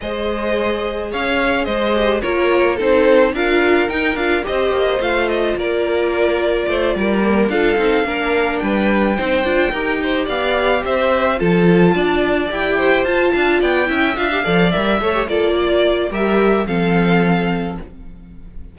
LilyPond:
<<
  \new Staff \with { instrumentName = "violin" } { \time 4/4 \tempo 4 = 108 dis''2 f''4 dis''4 | cis''4 c''4 f''4 g''8 f''8 | dis''4 f''8 dis''8 d''2~ | d''4. f''2 g''8~ |
g''2~ g''8 f''4 e''8~ | e''8 a''2 g''4 a''8~ | a''8 g''4 f''4 e''4 d''8~ | d''4 e''4 f''2 | }
  \new Staff \with { instrumentName = "violin" } { \time 4/4 c''2 cis''4 c''4 | ais'4 a'4 ais'2 | c''2 ais'2 | c''8 ais'4 a'4 ais'4 b'8~ |
b'8 c''4 ais'8 c''8 d''4 c''8~ | c''8 a'4 d''4. c''4 | f''8 d''8 e''4 d''4 cis''8 a'8 | d''4 ais'4 a'2 | }
  \new Staff \with { instrumentName = "viola" } { \time 4/4 gis'2.~ gis'8 g'8 | f'4 dis'4 f'4 dis'8 f'8 | g'4 f'2.~ | f'4 ais8 f'8 dis'8 d'4.~ |
d'8 dis'8 f'8 g'2~ g'8~ | g'8 f'2 g'4 f'8~ | f'4 e'8 f'16 g'16 a'8 ais'8 a'16 g'16 f'8~ | f'4 g'4 c'2 | }
  \new Staff \with { instrumentName = "cello" } { \time 4/4 gis2 cis'4 gis4 | ais4 c'4 d'4 dis'8 d'8 | c'8 ais8 a4 ais2 | a8 g4 d'8 c'8 ais4 g8~ |
g8 c'8 d'8 dis'4 b4 c'8~ | c'8 f4 d'4 e'4 f'8 | d'8 b8 cis'8 d'8 f8 g8 a8 ais8~ | ais4 g4 f2 | }
>>